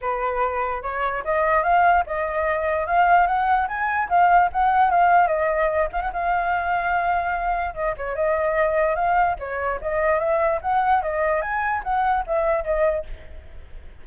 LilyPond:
\new Staff \with { instrumentName = "flute" } { \time 4/4 \tempo 4 = 147 b'2 cis''4 dis''4 | f''4 dis''2 f''4 | fis''4 gis''4 f''4 fis''4 | f''4 dis''4. f''16 fis''16 f''4~ |
f''2. dis''8 cis''8 | dis''2 f''4 cis''4 | dis''4 e''4 fis''4 dis''4 | gis''4 fis''4 e''4 dis''4 | }